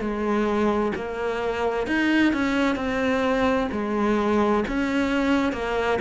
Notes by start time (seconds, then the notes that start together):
0.00 G#3
0.95 A#3
1.87 D#4
2.33 C#4
2.76 C4
3.72 G#3
4.68 C#4
5.53 A#3